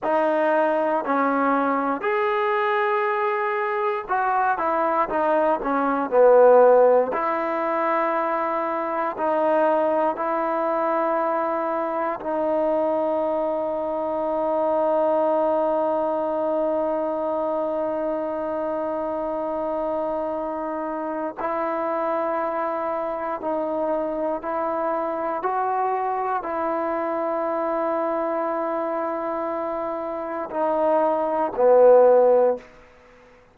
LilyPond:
\new Staff \with { instrumentName = "trombone" } { \time 4/4 \tempo 4 = 59 dis'4 cis'4 gis'2 | fis'8 e'8 dis'8 cis'8 b4 e'4~ | e'4 dis'4 e'2 | dis'1~ |
dis'1~ | dis'4 e'2 dis'4 | e'4 fis'4 e'2~ | e'2 dis'4 b4 | }